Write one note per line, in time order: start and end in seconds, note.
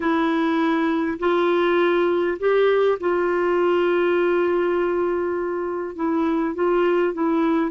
0.00 1.18 E4
1.19 2.38 F4
2.39 2.98 G4
3.00 5.95 F4
5.95 6.55 E4
6.55 7.13 F4
7.13 7.70 E4